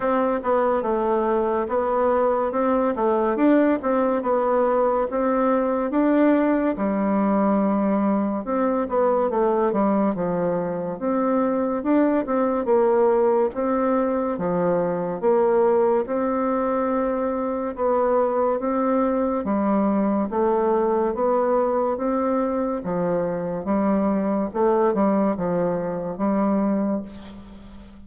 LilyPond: \new Staff \with { instrumentName = "bassoon" } { \time 4/4 \tempo 4 = 71 c'8 b8 a4 b4 c'8 a8 | d'8 c'8 b4 c'4 d'4 | g2 c'8 b8 a8 g8 | f4 c'4 d'8 c'8 ais4 |
c'4 f4 ais4 c'4~ | c'4 b4 c'4 g4 | a4 b4 c'4 f4 | g4 a8 g8 f4 g4 | }